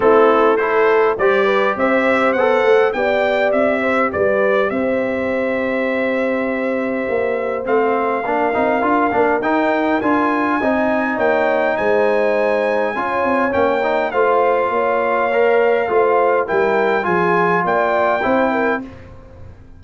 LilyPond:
<<
  \new Staff \with { instrumentName = "trumpet" } { \time 4/4 \tempo 4 = 102 a'4 c''4 d''4 e''4 | fis''4 g''4 e''4 d''4 | e''1~ | e''4 f''2. |
g''4 gis''2 g''4 | gis''2. g''4 | f''1 | g''4 gis''4 g''2 | }
  \new Staff \with { instrumentName = "horn" } { \time 4/4 e'4 a'4 c''8 b'8 c''4~ | c''4 d''4. c''8 b'4 | c''1~ | c''2 ais'2~ |
ais'2 dis''4 cis''4 | c''2 cis''2 | c''4 cis''2 c''4 | ais'4 gis'4 d''4 c''8 ais'8 | }
  \new Staff \with { instrumentName = "trombone" } { \time 4/4 c'4 e'4 g'2 | a'4 g'2.~ | g'1~ | g'4 c'4 d'8 dis'8 f'8 d'8 |
dis'4 f'4 dis'2~ | dis'2 f'4 cis'8 dis'8 | f'2 ais'4 f'4 | e'4 f'2 e'4 | }
  \new Staff \with { instrumentName = "tuba" } { \time 4/4 a2 g4 c'4 | b8 a8 b4 c'4 g4 | c'1 | ais4 a4 ais8 c'8 d'8 ais8 |
dis'4 d'4 c'4 ais4 | gis2 cis'8 c'8 ais4 | a4 ais2 a4 | g4 f4 ais4 c'4 | }
>>